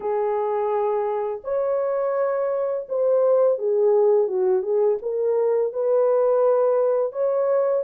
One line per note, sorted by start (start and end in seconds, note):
0.00 1.41 G#4
1.44 2.86 C#5
2.88 3.58 C5
3.58 4.27 G#4
4.27 4.62 F#4
4.62 4.98 G#4
5.02 5.72 A#4
5.72 7.12 B4
7.12 7.83 C#5